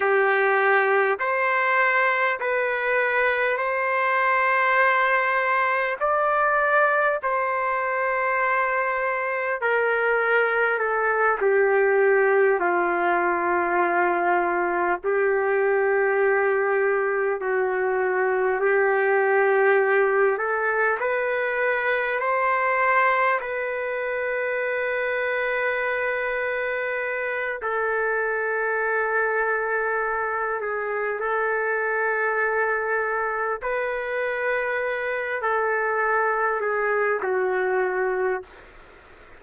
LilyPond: \new Staff \with { instrumentName = "trumpet" } { \time 4/4 \tempo 4 = 50 g'4 c''4 b'4 c''4~ | c''4 d''4 c''2 | ais'4 a'8 g'4 f'4.~ | f'8 g'2 fis'4 g'8~ |
g'4 a'8 b'4 c''4 b'8~ | b'2. a'4~ | a'4. gis'8 a'2 | b'4. a'4 gis'8 fis'4 | }